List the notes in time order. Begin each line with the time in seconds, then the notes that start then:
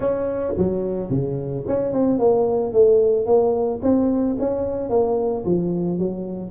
0.00 C#4
0.57 F#3
1.10 C#3
1.67 C#4
1.92 C4
2.18 A#3
2.72 A3
3.26 A#3
3.82 C4
4.39 C#4
4.89 A#3
5.45 F3
5.98 F#3